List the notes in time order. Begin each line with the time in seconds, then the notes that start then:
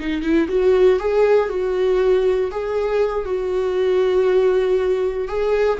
0.00 D#4
0.22 E4
0.49 F#4
1.00 G#4
1.50 F#4
2.52 G#4
3.26 F#4
5.29 G#4